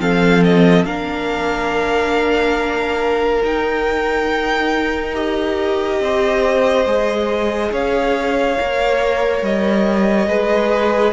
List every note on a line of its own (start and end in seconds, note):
0.00 0.85 F3
0.00 0.86 C4
0.00 0.86 A4
0.00 0.44 F5
0.44 0.86 D#5
0.85 3.42 A#3
0.85 3.43 D4
0.85 6.01 A#4
0.85 3.43 F5
3.43 5.15 D#4
3.43 6.00 D#4
3.43 5.15 G5
5.15 6.86 G4
5.15 7.72 D#5
6.00 6.86 C4
6.00 7.71 C5
6.86 7.72 G#3
6.86 8.58 G#4
7.71 8.58 C#4
7.71 10.28 C#5
7.71 9.45 F5
8.59 9.42 A#3
8.59 10.29 A#4
9.42 10.28 G3
9.42 11.13 D#5
10.28 11.13 G#3
10.28 11.13 G#4
10.28 11.13 B4